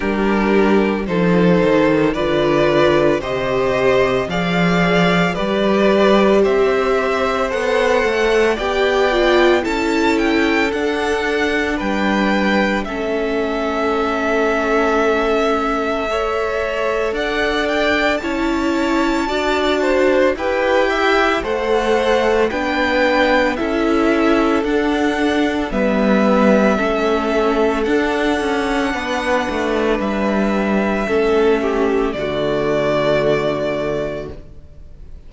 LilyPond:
<<
  \new Staff \with { instrumentName = "violin" } { \time 4/4 \tempo 4 = 56 ais'4 c''4 d''4 dis''4 | f''4 d''4 e''4 fis''4 | g''4 a''8 g''8 fis''4 g''4 | e''1 |
fis''8 g''8 a''2 g''4 | fis''4 g''4 e''4 fis''4 | e''2 fis''2 | e''2 d''2 | }
  \new Staff \with { instrumentName = "violin" } { \time 4/4 g'4 a'4 b'4 c''4 | d''4 b'4 c''2 | d''4 a'2 b'4 | a'2. cis''4 |
d''4 cis''4 d''8 c''8 b'8 e''8 | c''4 b'4 a'2 | b'4 a'2 b'4~ | b'4 a'8 g'8 fis'2 | }
  \new Staff \with { instrumentName = "viola" } { \time 4/4 d'4 dis'4 f'4 g'4 | gis'4 g'2 a'4 | g'8 f'8 e'4 d'2 | cis'2. a'4~ |
a'4 e'4 fis'4 g'4 | a'4 d'4 e'4 d'4 | b4 cis'4 d'2~ | d'4 cis'4 a2 | }
  \new Staff \with { instrumentName = "cello" } { \time 4/4 g4 f8 dis8 d4 c4 | f4 g4 c'4 b8 a8 | b4 cis'4 d'4 g4 | a1 |
d'4 cis'4 d'4 e'4 | a4 b4 cis'4 d'4 | g4 a4 d'8 cis'8 b8 a8 | g4 a4 d2 | }
>>